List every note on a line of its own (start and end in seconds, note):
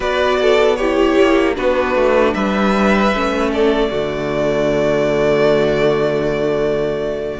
0.00 1.16 B3
0.00 0.76 F#4
0.00 0.37 B4
0.00 0.76 D5
0.41 0.78 A4
0.76 1.55 E4
0.76 1.56 G4
0.76 1.54 C#5
1.21 1.57 A#3
1.55 1.95 B3
1.55 3.10 D4
1.55 2.34 F#4
1.55 2.34 B4
1.95 2.34 A3
2.34 3.13 G3
2.34 3.50 B4
2.34 3.51 E5
3.14 3.91 A3
3.14 3.89 C#4
3.50 3.89 A4
3.50 7.40 D5
3.89 7.40 D3
3.89 7.40 A3
3.89 7.40 F#4